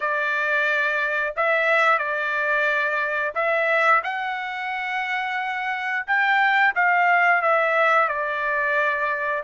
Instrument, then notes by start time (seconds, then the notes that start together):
trumpet
0.00 D5
1.36 E5
1.98 D5
3.34 E5
4.03 F#5
6.06 G5
6.75 F5
7.42 E5
8.08 D5